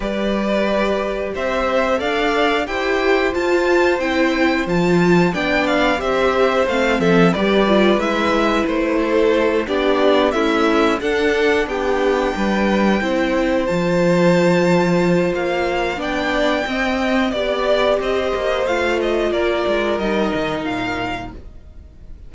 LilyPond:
<<
  \new Staff \with { instrumentName = "violin" } { \time 4/4 \tempo 4 = 90 d''2 e''4 f''4 | g''4 a''4 g''4 a''4 | g''8 f''8 e''4 f''8 e''8 d''4 | e''4 c''4. d''4 e''8~ |
e''8 fis''4 g''2~ g''8~ | g''8 a''2~ a''8 f''4 | g''2 d''4 dis''4 | f''8 dis''8 d''4 dis''4 f''4 | }
  \new Staff \with { instrumentName = "violin" } { \time 4/4 b'2 c''4 d''4 | c''1 | d''4 c''4. a'8 b'4~ | b'4. a'4 g'4 e'8~ |
e'8 a'4 g'4 b'4 c''8~ | c''1 | d''4 dis''4 d''4 c''4~ | c''4 ais'2. | }
  \new Staff \with { instrumentName = "viola" } { \time 4/4 g'2. a'4 | g'4 f'4 e'4 f'4 | d'4 g'4 c'4 g'8 f'8 | e'2~ e'8 d'4 a8~ |
a8 d'2. e'8~ | e'8 f'2.~ f'8 | d'4 c'4 g'2 | f'2 dis'2 | }
  \new Staff \with { instrumentName = "cello" } { \time 4/4 g2 c'4 d'4 | e'4 f'4 c'4 f4 | b4 c'4 a8 f8 g4 | gis4 a4. b4 cis'8~ |
cis'8 d'4 b4 g4 c'8~ | c'8 f2~ f8 ais4 | b4 c'4 b4 c'8 ais8 | a4 ais8 gis8 g8 dis8 ais,4 | }
>>